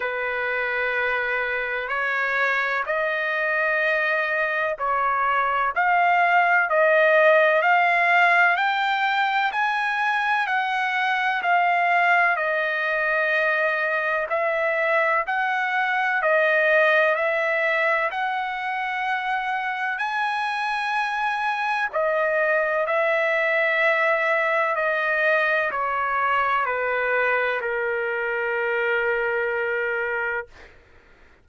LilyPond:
\new Staff \with { instrumentName = "trumpet" } { \time 4/4 \tempo 4 = 63 b'2 cis''4 dis''4~ | dis''4 cis''4 f''4 dis''4 | f''4 g''4 gis''4 fis''4 | f''4 dis''2 e''4 |
fis''4 dis''4 e''4 fis''4~ | fis''4 gis''2 dis''4 | e''2 dis''4 cis''4 | b'4 ais'2. | }